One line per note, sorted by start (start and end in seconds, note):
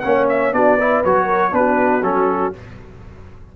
0.00 0.52 A#3
0.00 0.52 C#4
0.00 0.55 C#5
0.00 0.25 F#5
0.29 0.53 E5
0.52 1.02 B3
0.52 0.77 D4
0.52 0.80 F#4
0.52 1.03 D5
0.80 1.05 E4
0.80 1.24 B4
1.04 1.52 F#3
1.04 1.51 F#4
1.04 1.54 C#5
1.24 1.49 A#4
1.51 2.02 B3
1.51 2.01 D4
1.51 2.56 F#4
1.51 2.03 B4
2.02 2.52 F#3
2.02 2.52 C#4
2.02 2.53 A4